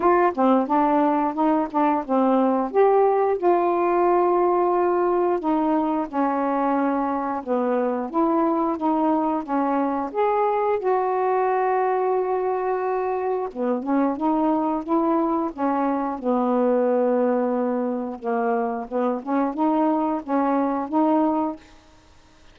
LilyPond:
\new Staff \with { instrumentName = "saxophone" } { \time 4/4 \tempo 4 = 89 f'8 c'8 d'4 dis'8 d'8 c'4 | g'4 f'2. | dis'4 cis'2 b4 | e'4 dis'4 cis'4 gis'4 |
fis'1 | b8 cis'8 dis'4 e'4 cis'4 | b2. ais4 | b8 cis'8 dis'4 cis'4 dis'4 | }